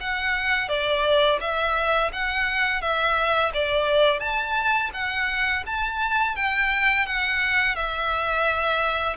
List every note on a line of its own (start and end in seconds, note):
0.00 0.68 F#5
0.68 1.39 D5
1.40 2.11 E5
2.12 2.81 F#5
2.81 3.52 E5
3.54 4.19 D5
4.19 4.90 A5
4.93 5.64 F#5
5.66 6.36 A5
6.36 7.06 G5
7.06 7.75 F#5
7.75 9.16 E5